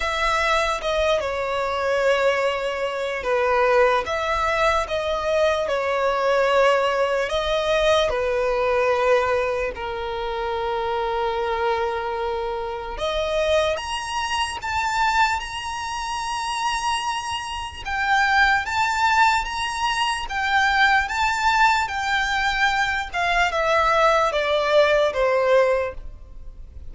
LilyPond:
\new Staff \with { instrumentName = "violin" } { \time 4/4 \tempo 4 = 74 e''4 dis''8 cis''2~ cis''8 | b'4 e''4 dis''4 cis''4~ | cis''4 dis''4 b'2 | ais'1 |
dis''4 ais''4 a''4 ais''4~ | ais''2 g''4 a''4 | ais''4 g''4 a''4 g''4~ | g''8 f''8 e''4 d''4 c''4 | }